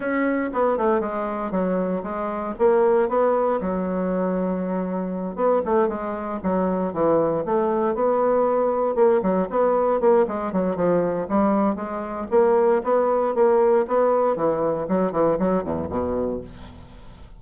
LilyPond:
\new Staff \with { instrumentName = "bassoon" } { \time 4/4 \tempo 4 = 117 cis'4 b8 a8 gis4 fis4 | gis4 ais4 b4 fis4~ | fis2~ fis8 b8 a8 gis8~ | gis8 fis4 e4 a4 b8~ |
b4. ais8 fis8 b4 ais8 | gis8 fis8 f4 g4 gis4 | ais4 b4 ais4 b4 | e4 fis8 e8 fis8 e,8 b,4 | }